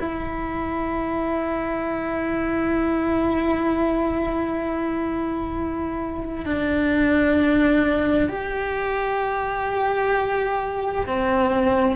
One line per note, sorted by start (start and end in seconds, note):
0.00 6.46 E4
6.46 8.29 D4
8.29 11.06 G4
11.07 11.97 C4